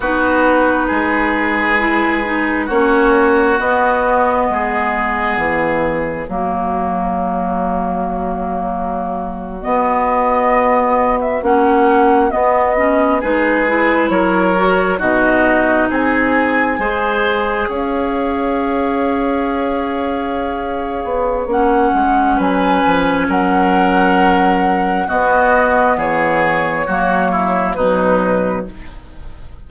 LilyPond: <<
  \new Staff \with { instrumentName = "flute" } { \time 4/4 \tempo 4 = 67 b'2. cis''4 | dis''2 cis''2~ | cis''2~ cis''8. dis''4~ dis''16~ | dis''8 e''16 fis''4 dis''4 b'4 cis''16~ |
cis''8. dis''4 gis''2 f''16~ | f''1 | fis''4 gis''4 fis''2 | dis''4 cis''2 b'4 | }
  \new Staff \with { instrumentName = "oboe" } { \time 4/4 fis'4 gis'2 fis'4~ | fis'4 gis'2 fis'4~ | fis'1~ | fis'2~ fis'8. gis'4 ais'16~ |
ais'8. fis'4 gis'4 c''4 cis''16~ | cis''1~ | cis''4 b'4 ais'2 | fis'4 gis'4 fis'8 e'8 dis'4 | }
  \new Staff \with { instrumentName = "clarinet" } { \time 4/4 dis'2 e'8 dis'8 cis'4 | b2. ais4~ | ais2~ ais8. b4~ b16~ | b8. cis'4 b8 cis'8 dis'8 e'8.~ |
e'16 fis'8 dis'2 gis'4~ gis'16~ | gis'1 | cis'1 | b2 ais4 fis4 | }
  \new Staff \with { instrumentName = "bassoon" } { \time 4/4 b4 gis2 ais4 | b4 gis4 e4 fis4~ | fis2~ fis8. b4~ b16~ | b8. ais4 b4 gis4 fis16~ |
fis8. b,4 c'4 gis4 cis'16~ | cis'2.~ cis'8 b8 | ais8 gis8 fis8 f8 fis2 | b4 e4 fis4 b,4 | }
>>